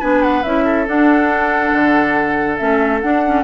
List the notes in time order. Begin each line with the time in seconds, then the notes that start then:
0.00 B3 D4 B4 G#5
0.22 F#5
0.44 C#4 E4 E5
0.65 A4
0.87 D4 F#5
1.73 D3
2.58 A3 C#4 E5
3.01 D4 F#5
3.26 C#4